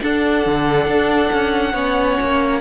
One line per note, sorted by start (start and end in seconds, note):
0.00 1.74 D4
0.00 0.46 D4
0.00 1.73 A4
0.00 2.61 F#5
0.46 0.86 D3
0.86 1.30 D4
1.32 1.74 C#4
1.73 2.17 B3
1.73 2.61 C#4
1.73 2.60 C#5
2.21 2.61 A#3